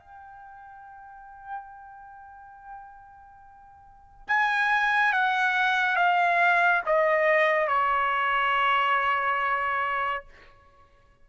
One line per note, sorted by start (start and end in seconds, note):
0.00 4.28 G5
4.28 5.13 G#5
5.13 5.96 F#5
5.96 6.82 F5
6.86 7.68 D#5
7.68 10.25 C#5